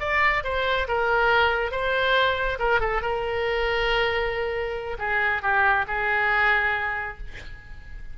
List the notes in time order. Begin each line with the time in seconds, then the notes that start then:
0.00 D5
0.44 C5
0.88 A#4
1.72 C5
2.59 A#4
2.80 A4
3.02 A#4
4.99 G#4
5.42 G4
5.88 G#4